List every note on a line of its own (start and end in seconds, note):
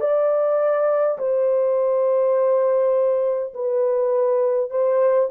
0.00 1.18 D5
1.18 3.53 C5
3.54 4.71 B4
4.71 5.29 C5